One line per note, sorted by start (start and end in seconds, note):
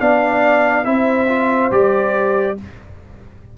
0.00 0.85 B3
0.00 0.85 D4
0.00 0.86 D5
0.00 0.85 F5
0.85 1.71 C4
0.85 1.28 E4
0.85 2.58 C5
0.85 1.71 E5
1.29 1.71 F4
1.71 2.57 G3
1.71 2.57 G4
1.71 2.58 D5